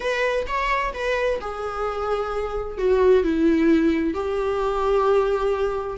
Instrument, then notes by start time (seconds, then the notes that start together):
viola
0.00 B4
0.47 C#5
0.93 B4
1.41 G#4
2.78 F#4
3.23 E4
4.14 G4